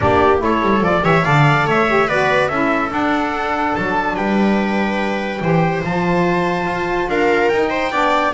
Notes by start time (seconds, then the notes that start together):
0.00 A#3 D4 G4 D5
0.38 A3 E4 A4 C#5
0.62 G3
0.80 F3 F4 D5
1.01 E3 G4 C#5 E5
1.24 D3 A4 D5 F5
1.66 A3 C#5 E5
1.87 G4
2.07 B3 F#4 B4 D5
2.48 C#4 E4 A4 E5
2.88 D4 F#5
3.75 F#3 A5
4.16 G3 B4 G5
5.41 E3 G4 C5
5.84 F3 F4 A5
6.65 F4
7.09 D4 A#4 F5
7.48 D#4 G5
7.70 C5
7.91 B3 D4 D5